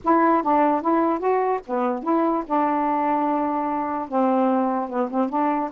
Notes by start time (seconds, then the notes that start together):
0.04 E4
0.42 D4
0.81 E4
1.19 F#4
1.66 B3
2.03 E4
2.46 D4
4.08 C4
4.89 B3
5.10 C4
5.29 D4